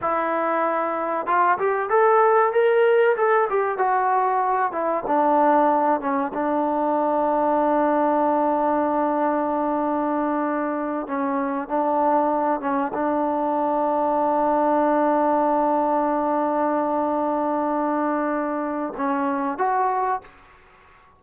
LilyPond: \new Staff \with { instrumentName = "trombone" } { \time 4/4 \tempo 4 = 95 e'2 f'8 g'8 a'4 | ais'4 a'8 g'8 fis'4. e'8 | d'4. cis'8 d'2~ | d'1~ |
d'4. cis'4 d'4. | cis'8 d'2.~ d'8~ | d'1~ | d'2 cis'4 fis'4 | }